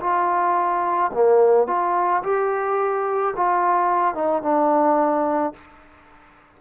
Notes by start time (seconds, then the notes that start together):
0.00 F4
1.14 A#3
1.67 F4
2.23 G4
3.36 F4
4.15 D#4
4.42 D4